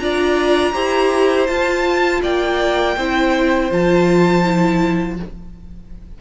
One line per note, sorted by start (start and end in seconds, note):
0.00 0.75 D4
0.00 0.74 F4
0.00 0.74 D5
0.00 1.47 A#5
0.74 1.49 E4
0.74 1.48 G4
0.74 2.22 C5
1.47 2.97 F4
1.47 2.23 F4
1.47 2.21 A5
2.23 2.97 A#3
2.23 2.97 D5
2.23 3.72 G5
2.97 3.71 C4
2.97 3.72 E4
2.97 5.19 C5
3.72 5.20 F3
3.72 4.45 F4
3.72 5.21 A5
4.45 5.19 E4